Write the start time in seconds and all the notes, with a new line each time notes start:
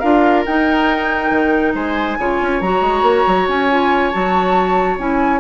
0.00 D4 F4 A#4 F5
0.46 D#4 G5
1.31 D#3
1.74 G#3 C5 G#5
2.19 C#3 F4 C#5
2.42 C#4
2.61 F#3 F#4 A#5
2.81 G#3
3.02 A#3
3.27 F#3
3.48 C#4 G#5
3.70 F4
4.11 F#3 F#4 A5
4.99 C#4 E4 G#5